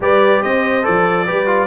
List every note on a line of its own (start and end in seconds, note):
0.00 0.41 G3
0.00 0.82 G4
0.00 0.42 B4
0.00 0.43 D5
0.42 0.86 C4
0.42 1.26 C5
0.42 0.85 D#5
0.82 1.29 F3
0.82 1.25 A4
0.82 1.67 D5
1.26 1.67 G3
1.26 1.46 G4
1.26 1.67 B4
1.46 1.67 F4